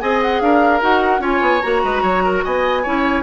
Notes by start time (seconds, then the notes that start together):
0.00 C4 G#4 D#5 G#5
0.22 F#5
0.40 D4 A#4 F5
0.81 D#4 F#4 F#5
1.19 C#4 F4 C#5 G#5
1.41 B3
1.61 A#3 F#4 A#5
1.83 G#3 B4
2.02 F#3 C#5
2.24 A#4
2.44 B3 D#5 G#5
2.82 C#4 E4 C#5